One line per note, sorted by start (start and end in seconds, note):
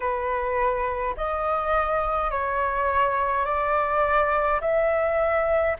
0.00 1.15 B4
1.16 2.31 D#5
2.31 3.45 C#5
3.45 4.60 D5
4.60 5.76 E5